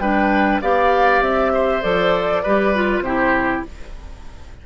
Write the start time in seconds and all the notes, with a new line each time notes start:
0.00 G3 D4 B4 G5
0.62 B3 G4 D5 F5
1.22 C4 E5
1.54 C5
1.83 F3 A4 D5
2.43 G3 G4 B4
2.75 F4
3.01 C3 E4 G4 C5